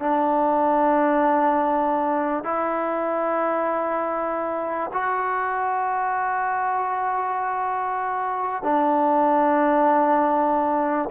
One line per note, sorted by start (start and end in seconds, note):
0.00 2.44 D4
2.44 4.91 E4
4.93 8.63 F#4
8.63 11.10 D4